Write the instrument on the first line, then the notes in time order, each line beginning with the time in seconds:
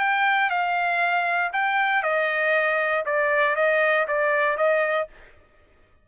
trumpet
0.00 G5
0.51 F5
1.53 G5
2.03 D#5
3.06 D5
3.56 D#5
4.08 D5
4.58 D#5